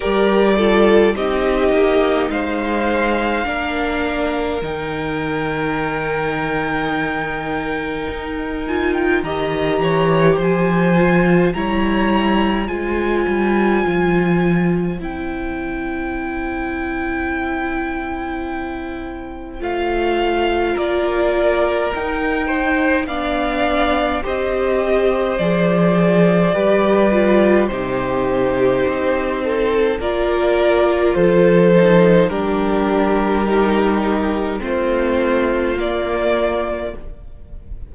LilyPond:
<<
  \new Staff \with { instrumentName = "violin" } { \time 4/4 \tempo 4 = 52 d''4 dis''4 f''2 | g''2.~ g''8 gis''16 g''16 | ais''4 gis''4 ais''4 gis''4~ | gis''4 g''2.~ |
g''4 f''4 d''4 g''4 | f''4 dis''4 d''2 | c''2 d''4 c''4 | ais'2 c''4 d''4 | }
  \new Staff \with { instrumentName = "violin" } { \time 4/4 ais'8 a'8 g'4 c''4 ais'4~ | ais'1 | dis''8 cis''8 c''4 cis''4 c''4~ | c''1~ |
c''2 ais'4. c''8 | d''4 c''2 b'4 | g'4. a'8 ais'4 a'4 | g'2 f'2 | }
  \new Staff \with { instrumentName = "viola" } { \time 4/4 g'8 f'8 dis'2 d'4 | dis'2.~ dis'8 f'8 | g'4. f'8 e'4 f'4~ | f'4 e'2.~ |
e'4 f'2 dis'4 | d'4 g'4 gis'4 g'8 f'8 | dis'2 f'4. dis'8 | d'4 dis'4 c'4 ais4 | }
  \new Staff \with { instrumentName = "cello" } { \time 4/4 g4 c'8 ais8 gis4 ais4 | dis2. dis'4 | dis8 e8 f4 g4 gis8 g8 | f4 c'2.~ |
c'4 a4 ais4 dis'4 | b4 c'4 f4 g4 | c4 c'4 ais4 f4 | g2 a4 ais4 | }
>>